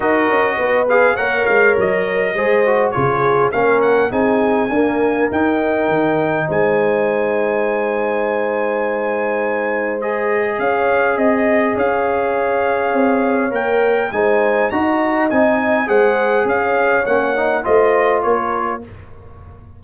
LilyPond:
<<
  \new Staff \with { instrumentName = "trumpet" } { \time 4/4 \tempo 4 = 102 dis''4. f''8 fis''8 f''8 dis''4~ | dis''4 cis''4 f''8 fis''8 gis''4~ | gis''4 g''2 gis''4~ | gis''1~ |
gis''4 dis''4 f''4 dis''4 | f''2. g''4 | gis''4 ais''4 gis''4 fis''4 | f''4 fis''4 dis''4 cis''4 | }
  \new Staff \with { instrumentName = "horn" } { \time 4/4 ais'4 b'4 cis''2 | c''4 gis'4 ais'4 gis'4 | ais'2. c''4~ | c''1~ |
c''2 cis''4 dis''4 | cis''1 | c''4 dis''2 c''4 | cis''2 c''4 ais'4 | }
  \new Staff \with { instrumentName = "trombone" } { \time 4/4 fis'4. gis'8 ais'2 | gis'8 fis'8 f'4 cis'4 dis'4 | ais4 dis'2.~ | dis'1~ |
dis'4 gis'2.~ | gis'2. ais'4 | dis'4 fis'4 dis'4 gis'4~ | gis'4 cis'8 dis'8 f'2 | }
  \new Staff \with { instrumentName = "tuba" } { \time 4/4 dis'8 cis'8 b4 ais8 gis8 fis4 | gis4 cis4 ais4 c'4 | d'4 dis'4 dis4 gis4~ | gis1~ |
gis2 cis'4 c'4 | cis'2 c'4 ais4 | gis4 dis'4 c'4 gis4 | cis'4 ais4 a4 ais4 | }
>>